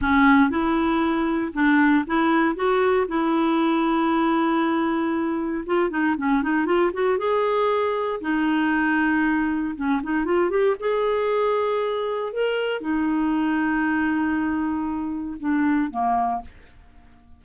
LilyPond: \new Staff \with { instrumentName = "clarinet" } { \time 4/4 \tempo 4 = 117 cis'4 e'2 d'4 | e'4 fis'4 e'2~ | e'2. f'8 dis'8 | cis'8 dis'8 f'8 fis'8 gis'2 |
dis'2. cis'8 dis'8 | f'8 g'8 gis'2. | ais'4 dis'2.~ | dis'2 d'4 ais4 | }